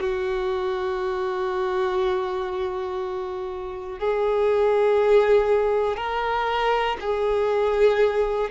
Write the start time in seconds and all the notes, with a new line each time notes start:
0.00 F#4
4.00 G#4
5.97 A#4
7.01 G#4